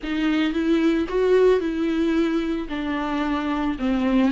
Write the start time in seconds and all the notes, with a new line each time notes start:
0.03 D#4
0.53 E4
1.08 F#4
1.60 E4
2.69 D4
3.78 C4